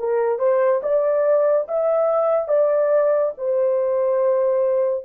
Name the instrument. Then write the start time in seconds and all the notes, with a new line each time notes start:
horn
0.00 A#4
0.40 C5
0.83 D5
1.68 E5
2.49 D5
3.38 C5